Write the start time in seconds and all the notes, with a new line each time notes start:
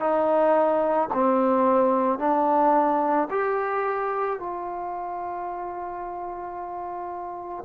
0.00 D#4
1.14 C4
2.19 D4
3.31 G4
4.39 F4